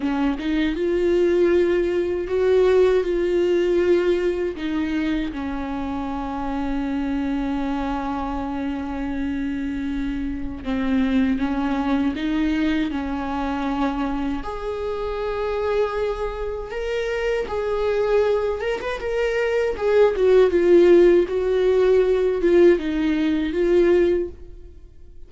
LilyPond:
\new Staff \with { instrumentName = "viola" } { \time 4/4 \tempo 4 = 79 cis'8 dis'8 f'2 fis'4 | f'2 dis'4 cis'4~ | cis'1~ | cis'2 c'4 cis'4 |
dis'4 cis'2 gis'4~ | gis'2 ais'4 gis'4~ | gis'8 ais'16 b'16 ais'4 gis'8 fis'8 f'4 | fis'4. f'8 dis'4 f'4 | }